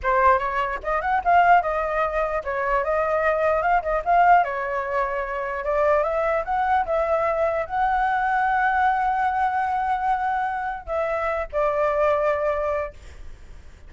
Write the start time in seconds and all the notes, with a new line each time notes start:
0.02 C5
0.38 C#5
0.83 D#5
1.01 F#5
1.24 F5
1.61 D#5
2.44 C#5
2.84 D#5
3.61 F5
3.82 D#5
4.04 F5
4.43 C#5
5.63 D5
6.03 E5
6.44 F#5
6.85 E5
7.66 F#5
10.86 E5
11.52 D5